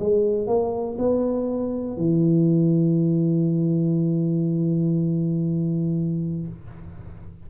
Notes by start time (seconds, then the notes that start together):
0.00 G#3
0.47 A#3
0.98 B3
1.97 E3